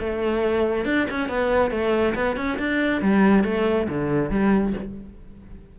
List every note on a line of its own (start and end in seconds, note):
0.00 0.86 A3
0.86 1.07 D4
1.10 1.29 C#4
1.29 1.71 B3
1.71 2.15 A3
2.15 2.37 B3
2.37 2.58 C#4
2.59 3.02 D4
3.02 3.44 G3
3.44 3.88 A3
3.88 4.30 D3
4.30 4.74 G3